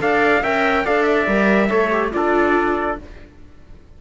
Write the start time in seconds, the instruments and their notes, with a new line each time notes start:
0.00 cello D4, viola A4, trumpet D5 F5
0.42 cello C#4, viola A#4, trumpet E5 G5
0.85 cello D4, viola A4, trumpet D5 F5
1.03 trumpet E5
1.27 cello G3, viola A#4
1.70 cello A3, viola A4, trumpet C#5
1.91 viola G4
2.12 cello D4, viola F4, trumpet A4 D5